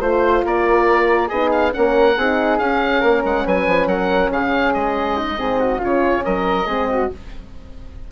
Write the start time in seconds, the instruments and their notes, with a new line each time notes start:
0.00 bassoon A3, horn F4, flute C5, oboe C5
0.45 bassoon A#3, flute A#4, oboe D5
1.27 bassoon B3, horn D#4, flute G#4, oboe D#5
1.51 oboe F5
1.72 bassoon A#3, horn C#4, flute A#4, oboe F#5
2.17 bassoon C4, horn D#4, flute G#4
2.58 bassoon C#4, horn C#4, oboe F5
3.00 bassoon A#3, flute A#4
3.24 bassoon G#3, oboe F#5
3.45 bassoon F#3, flute B4, oboe G#5
3.67 bassoon F3
3.86 bassoon F#3, flute A#4, oboe F#5
4.31 bassoon C#3, flute G#4, oboe F5
4.74 bassoon G#3, oboe D#5
5.17 flute D#4
5.37 bassoon G#2, horn C4, flute G#4
5.59 flute F#4
5.79 bassoon C#3, horn C#4, flute F4, oboe C#5
6.24 bassoon F#3, flute A#4, oboe D#5
6.66 bassoon G#3, horn C4, flute G#4
6.90 flute F#4